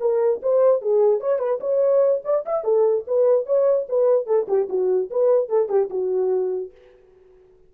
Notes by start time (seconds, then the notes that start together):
0.00 A#4
0.42 C5
0.81 G#4
1.20 C#5
1.39 B4
1.60 C#5
2.24 D5
2.46 E5
2.64 A4
3.07 B4
3.46 C#5
3.89 B4
4.26 A4
4.48 G4
4.69 F#4
5.10 B4
5.49 A4
5.69 G4
5.90 F#4